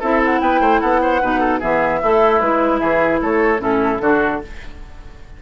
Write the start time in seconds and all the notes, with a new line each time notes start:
0.00 C4 E4 A4 E5
0.25 F#5
0.41 B3 B4 G5
0.61 A3 C5
0.80 B3 A4 F#5
1.02 C5
1.22 B2 D#4 B4
1.40 A4
1.60 E3 B3 G#4 E5
2.02 A3 E4 A4
2.40 G#3 E4 B4
2.79 E3 G#4 E5
3.22 A3 A4 C#5
3.58 A2 C#4 E4 A4
4.01 D3 D4 F#4